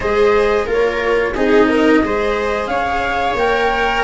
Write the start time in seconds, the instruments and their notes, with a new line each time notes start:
0.00 tuba G#3, cello G#4, viola C5, flute D#5
0.65 tuba A#3, cello F4, viola A#4
0.72 flute C#5
1.34 tuba C4, cello D#4, viola G#4, flute D#5
1.68 viola A#4
2.03 tuba G#3, cello G#4, viola C5
2.67 tuba C#4, viola C#5, flute F5
3.34 tuba A#3, cello A#4, flute G5